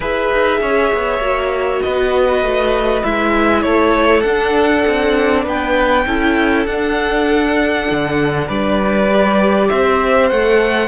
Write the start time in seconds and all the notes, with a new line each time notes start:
0.00 E4 G#4 B4 E5
0.32 D#4
0.61 C#4 C#5
0.93 B3
1.19 A#3 F#4
1.82 B3 B4 D#5
2.42 A3
3.03 G#3 E4 E5
3.61 A3 A4 C#5
4.20 D4 F#5
4.86 C4
5.43 B3 B4 G5
6.06 C#4 E4 A4
6.66 D4 F#5
7.90 D3
8.47 G3 B4 D5
9.09 G4
9.69 C4 C5 E5
10.29 A3 A4 F#5